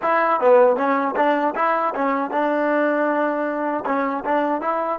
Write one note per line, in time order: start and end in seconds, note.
0.02 0.40 E4
0.40 0.76 B3
0.76 1.15 C#4
1.16 1.54 D4
1.55 1.93 E4
1.94 2.30 C#4
2.30 3.84 D4
3.85 4.23 C#4
4.24 4.61 D4
4.61 4.99 E4